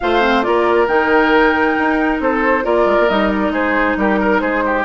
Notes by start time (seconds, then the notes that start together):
0.00 A3 F4 C5 F5
0.21 C4
0.42 A#3 F4 A#4 D5
0.87 D#3 D#4 G5
1.78 D#4
2.20 C4 A4 C5
2.62 A#3 F4 A#4 D5
2.85 G#3
2.99 A#3
3.09 G3 D#4 D#5
3.30 D5
3.49 G#3 G#4 C5
3.97 G3 G4 A#4
4.19 A#4
4.40 G#3 G#4 C5
4.65 G4